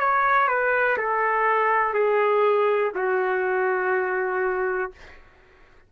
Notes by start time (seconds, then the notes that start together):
0.00 C#5
0.48 B4
0.97 A4
1.94 G#4
2.95 F#4